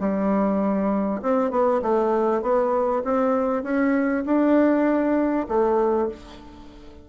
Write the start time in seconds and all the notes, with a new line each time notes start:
0.00 G3
1.22 C4
1.51 B3
1.82 A3
2.42 B3
3.04 C4
3.63 C#4
4.26 D4
5.48 A3